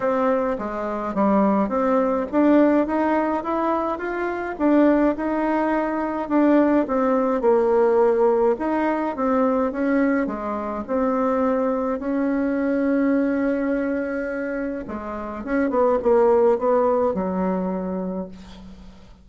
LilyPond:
\new Staff \with { instrumentName = "bassoon" } { \time 4/4 \tempo 4 = 105 c'4 gis4 g4 c'4 | d'4 dis'4 e'4 f'4 | d'4 dis'2 d'4 | c'4 ais2 dis'4 |
c'4 cis'4 gis4 c'4~ | c'4 cis'2.~ | cis'2 gis4 cis'8 b8 | ais4 b4 fis2 | }